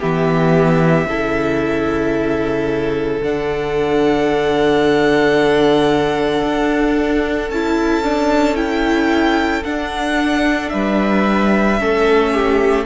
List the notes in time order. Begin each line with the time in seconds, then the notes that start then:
0.00 E3 B3 G4 E5
1.06 C#3 E4 A4
3.21 D3 D4 F#5
6.43 D4
7.49 C#4 E4 A5
8.04 D4
8.55 E4 G5
9.64 D4 F#5
10.69 G3 B4 E5
11.79 A3 C#4 A4
12.33 G4